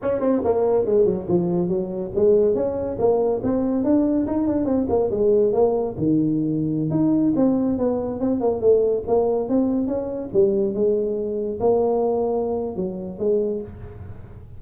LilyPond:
\new Staff \with { instrumentName = "tuba" } { \time 4/4 \tempo 4 = 141 cis'8 c'8 ais4 gis8 fis8 f4 | fis4 gis4 cis'4 ais4 | c'4 d'4 dis'8 d'8 c'8 ais8 | gis4 ais4 dis2~ |
dis16 dis'4 c'4 b4 c'8 ais16~ | ais16 a4 ais4 c'4 cis'8.~ | cis'16 g4 gis2 ais8.~ | ais2 fis4 gis4 | }